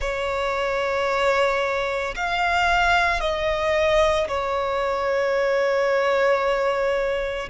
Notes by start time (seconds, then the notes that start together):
0.00 C#5
2.15 F5
3.20 D#5
4.28 C#5